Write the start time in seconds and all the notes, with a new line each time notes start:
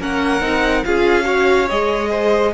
0.00 A#3 C#4 A#4 F#5
0.41 C4 D#4
0.85 C#4 F4 G#4 F5
1.24 F#4 C#5
1.69 G#3 G#4 D#5
2.10 C5